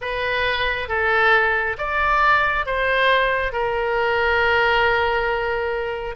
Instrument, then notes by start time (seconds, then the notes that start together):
oboe
0.01 B4
0.88 A4
1.78 D5
2.66 C5
3.52 A#4